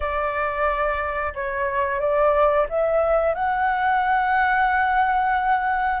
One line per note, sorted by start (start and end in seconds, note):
0.00 1.33 D5
1.34 2.00 C#5
2.00 2.66 D5
2.69 3.34 E5
3.34 6.00 F#5